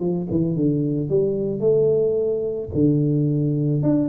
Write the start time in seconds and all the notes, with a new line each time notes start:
0.00 F3
0.30 E3
0.56 D3
1.10 G3
1.60 A3
2.74 D3
3.83 D4